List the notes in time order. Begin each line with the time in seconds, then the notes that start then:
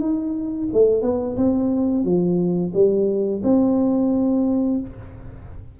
0.00 D#4
0.73 A3
1.02 B3
1.37 C4
2.04 F3
2.74 G3
3.44 C4